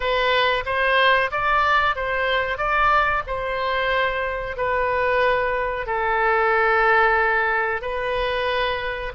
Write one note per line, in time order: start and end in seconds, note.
0.00 0.63 B4
0.65 1.30 C5
1.31 1.95 D5
1.95 2.57 C5
2.57 3.23 D5
3.26 4.57 C5
4.57 5.86 B4
5.86 7.81 A4
7.81 9.12 B4